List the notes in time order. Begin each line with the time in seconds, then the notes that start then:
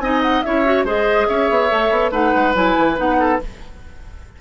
0.00 C4 D#4 D#5 G#5
0.22 F#5
0.42 C#4 E4 C#5 E5
0.65 F#4
0.84 G#3 G#4 C5 D#5
1.27 C#4 C#5 E5
1.50 B3
1.70 A3 A4
1.91 B3
2.11 A3 D#4 B4 F#5
2.36 G#3
2.55 F#3 E4 G#5
2.78 E3
2.97 B3 D#4 F#5
3.20 A4